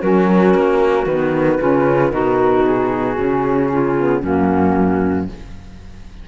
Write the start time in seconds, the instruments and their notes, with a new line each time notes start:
0.00 cello F#3, saxophone C#4, clarinet F#4, flute A#4
0.54 cello A#3
1.05 cello D#3, saxophone B3, flute B4
1.58 cello C#3, saxophone C#4, clarinet F4
2.09 cello B2, saxophone D#4, clarinet F#4, flute A#4
2.64 flute G#4
3.15 cello C#3, saxophone C#4
3.72 clarinet F4
3.96 saxophone B3
4.20 cello F#2, saxophone A#3, clarinet C#4, flute F#4